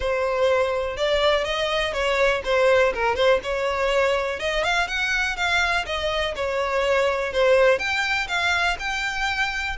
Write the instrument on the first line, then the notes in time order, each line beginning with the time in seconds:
violin
0.00 C5
0.96 D5
1.44 D#5
1.93 C#5
2.44 C5
2.94 A#4
3.15 C5
3.43 C#5
4.39 D#5
4.63 F5
4.87 F#5
5.36 F5
5.86 D#5
6.35 C#5
7.33 C5
7.78 G5
8.28 F5
8.79 G5